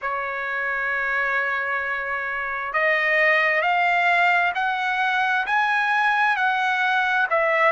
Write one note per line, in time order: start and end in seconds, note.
0.01 2.73 C#5
2.73 3.61 D#5
3.61 4.52 F5
4.55 5.45 F#5
5.46 6.36 G#5
6.36 7.27 F#5
7.30 7.71 E5